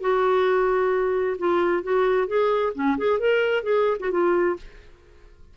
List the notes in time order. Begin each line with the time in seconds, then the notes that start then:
0.00 F#4
1.38 F4
1.83 F#4
2.27 G#4
2.74 C#4
2.98 G#4
3.19 A#4
3.63 G#4
4.00 F#4
4.11 F4